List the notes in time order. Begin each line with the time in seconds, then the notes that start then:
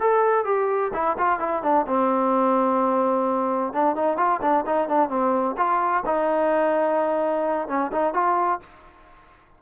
0.00 A4
0.45 G4
0.94 E4
1.18 F4
1.40 E4
1.63 D4
1.87 C4
3.73 D4
3.96 D#4
4.17 F4
4.41 D4
4.66 D#4
4.89 D4
5.09 C4
5.57 F4
6.06 D#4
7.68 C#4
7.92 D#4
8.14 F4